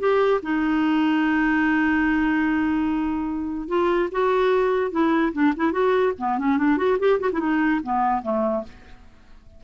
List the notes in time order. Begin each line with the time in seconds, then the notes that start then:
0.00 G4
0.43 D#4
3.68 F4
4.12 F#4
4.92 E4
5.33 D4
5.57 E4
5.72 F#4
6.19 B3
6.39 C#4
6.58 D4
6.78 F#4
6.99 G4
7.20 F#4
7.32 E4
7.40 D#4
7.83 B3
8.23 A3